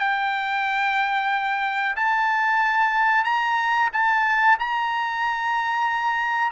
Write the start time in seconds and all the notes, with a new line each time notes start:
0.00 G5
1.96 A5
3.25 A#5
3.93 A5
4.59 A#5